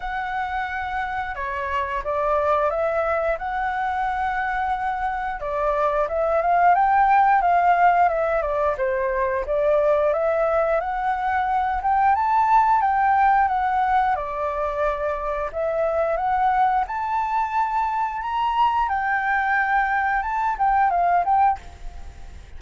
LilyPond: \new Staff \with { instrumentName = "flute" } { \time 4/4 \tempo 4 = 89 fis''2 cis''4 d''4 | e''4 fis''2. | d''4 e''8 f''8 g''4 f''4 | e''8 d''8 c''4 d''4 e''4 |
fis''4. g''8 a''4 g''4 | fis''4 d''2 e''4 | fis''4 a''2 ais''4 | g''2 a''8 g''8 f''8 g''8 | }